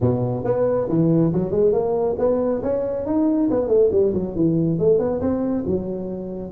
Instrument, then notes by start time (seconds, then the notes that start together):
tuba
0.01 B2
0.44 B3
0.89 E3
1.32 F#3
1.51 G#3
1.72 A#3
2.18 B3
2.63 C#4
3.06 D#4
3.50 B3
3.68 A3
3.91 G3
4.13 F#3
4.35 E3
4.78 A3
4.98 B3
5.20 C4
5.66 F#3